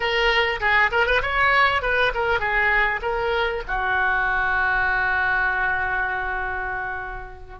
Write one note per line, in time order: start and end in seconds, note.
0.00 0.60 A#4
0.60 0.90 G#4
0.91 1.06 A#4
1.06 1.21 B4
1.22 1.82 C#5
1.82 2.12 B4
2.14 2.39 A#4
2.39 3.00 G#4
3.02 3.62 A#4
3.67 7.59 F#4